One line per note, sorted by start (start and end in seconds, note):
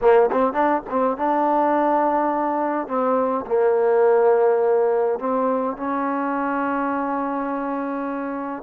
0.01 0.30 A#3
0.31 0.53 C4
0.53 0.82 D4
0.89 1.17 C4
1.17 2.87 D4
2.87 3.45 C4
3.46 5.19 A#3
5.19 5.76 C4
5.76 8.62 C#4